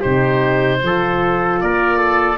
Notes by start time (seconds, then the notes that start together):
0.00 C3 D#4 G4 C5
0.82 F3 F4 A4
1.61 A#3 A#4 D5
1.98 A4